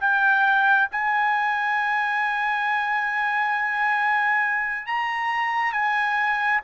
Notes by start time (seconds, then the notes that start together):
0.00 G5
0.91 G#5
4.86 A#5
5.72 G#5